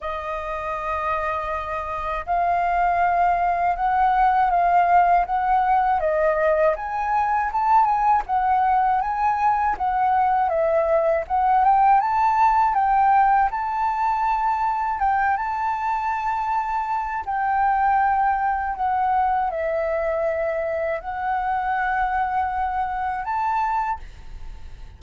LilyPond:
\new Staff \with { instrumentName = "flute" } { \time 4/4 \tempo 4 = 80 dis''2. f''4~ | f''4 fis''4 f''4 fis''4 | dis''4 gis''4 a''8 gis''8 fis''4 | gis''4 fis''4 e''4 fis''8 g''8 |
a''4 g''4 a''2 | g''8 a''2~ a''8 g''4~ | g''4 fis''4 e''2 | fis''2. a''4 | }